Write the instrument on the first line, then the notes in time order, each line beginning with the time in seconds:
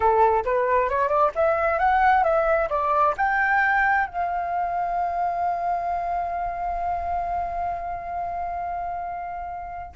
flute
0.00 A4
0.44 B4
0.89 C#5
1.08 D5
1.35 E5
1.78 F#5
2.23 E5
2.69 D5
3.17 G5
4.07 F5